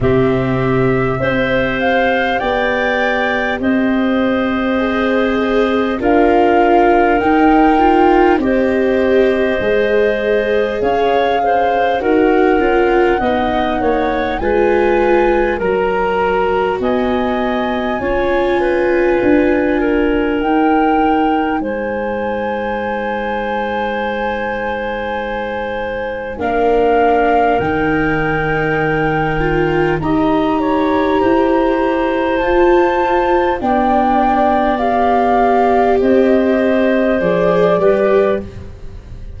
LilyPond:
<<
  \new Staff \with { instrumentName = "flute" } { \time 4/4 \tempo 4 = 50 e''4. f''8 g''4 dis''4~ | dis''4 f''4 g''4 dis''4~ | dis''4 f''4 fis''2 | gis''4 ais''4 gis''2~ |
gis''4 g''4 gis''2~ | gis''2 f''4 g''4~ | g''4 ais''2 a''4 | g''4 f''4 dis''4 d''4 | }
  \new Staff \with { instrumentName = "clarinet" } { \time 4/4 g'4 c''4 d''4 c''4~ | c''4 ais'2 c''4~ | c''4 cis''8 c''8 ais'4 dis''8 cis''8 | b'4 ais'4 dis''4 cis''8 b'8~ |
b'8 ais'4. c''2~ | c''2 ais'2~ | ais'4 dis''8 cis''8 c''2 | d''2 c''4. b'8 | }
  \new Staff \with { instrumentName = "viola" } { \time 4/4 c'4 g'2. | gis'4 f'4 dis'8 f'8 g'4 | gis'2 fis'8 f'8 dis'4 | f'4 fis'2 f'4~ |
f'4 dis'2.~ | dis'2 d'4 dis'4~ | dis'8 f'8 g'2 f'4 | d'4 g'2 gis'8 g'8 | }
  \new Staff \with { instrumentName = "tuba" } { \time 4/4 c4 c'4 b4 c'4~ | c'4 d'4 dis'4 c'4 | gis4 cis'4 dis'8 cis'8 b8 ais8 | gis4 fis4 b4 cis'4 |
d'4 dis'4 gis2~ | gis2 ais4 dis4~ | dis4 dis'4 e'4 f'4 | b2 c'4 f8 g8 | }
>>